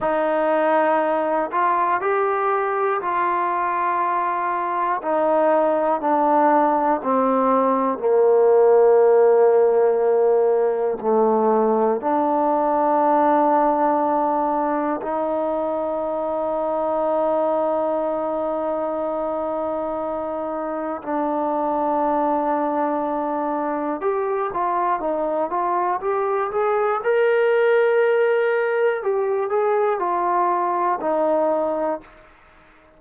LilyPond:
\new Staff \with { instrumentName = "trombone" } { \time 4/4 \tempo 4 = 60 dis'4. f'8 g'4 f'4~ | f'4 dis'4 d'4 c'4 | ais2. a4 | d'2. dis'4~ |
dis'1~ | dis'4 d'2. | g'8 f'8 dis'8 f'8 g'8 gis'8 ais'4~ | ais'4 g'8 gis'8 f'4 dis'4 | }